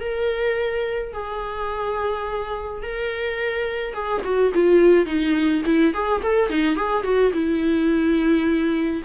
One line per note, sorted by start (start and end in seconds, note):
0.00 1.13 A#4
1.13 2.82 G#4
2.82 3.93 A#4
3.93 4.22 G#4
4.24 4.52 F#4
4.54 5.06 F4
5.06 5.62 D#4
5.65 5.93 E4
5.93 6.22 G#4
6.22 6.49 A4
6.49 6.76 D#4
6.76 7.03 G#4
7.03 7.31 F#4
7.33 9.02 E4